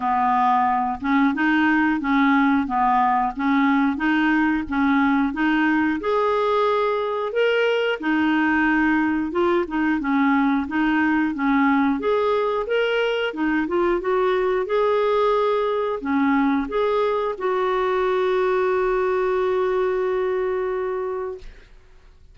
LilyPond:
\new Staff \with { instrumentName = "clarinet" } { \time 4/4 \tempo 4 = 90 b4. cis'8 dis'4 cis'4 | b4 cis'4 dis'4 cis'4 | dis'4 gis'2 ais'4 | dis'2 f'8 dis'8 cis'4 |
dis'4 cis'4 gis'4 ais'4 | dis'8 f'8 fis'4 gis'2 | cis'4 gis'4 fis'2~ | fis'1 | }